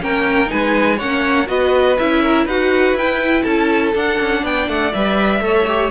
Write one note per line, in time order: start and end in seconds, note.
0.00 0.50 A#3
0.00 0.46 C#4
0.00 0.51 A#4
0.00 0.50 G5
0.46 0.95 D#4
0.46 0.97 B4
0.46 0.98 G#5
0.52 1.01 G#3
0.97 1.48 A#3
0.97 1.46 C#4
0.97 1.46 C#5
0.97 1.47 F#5
1.46 1.97 B3
1.46 1.95 F#4
1.46 2.22 B4
1.46 1.97 D#5
1.97 2.45 C#4
1.97 2.48 E4
1.97 2.47 E5
2.22 2.45 A#4
2.45 2.93 D#4
2.45 2.98 F#4
2.45 3.43 B4
2.45 2.97 F#5
2.93 3.42 E4
2.93 3.94 E4
2.93 3.43 G5
3.43 3.94 C#4
3.43 4.41 A4
3.43 3.92 A5
3.94 4.93 D4
3.94 4.19 D4
3.94 4.45 F#5
4.20 4.43 C#4
4.43 4.68 B3
4.43 5.41 D5
4.43 4.69 G5
4.68 4.92 A3
4.68 4.93 F#5
4.93 5.40 G3
4.93 5.41 B4
4.93 5.90 E5
5.40 5.89 A3
5.40 5.65 A4
5.40 5.90 C#5
5.67 5.90 G4